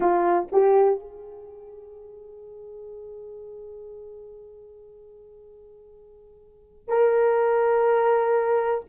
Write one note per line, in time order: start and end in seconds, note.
0.00 0.47 F4
0.52 0.99 G4
0.99 6.88 G#4
6.88 8.84 A#4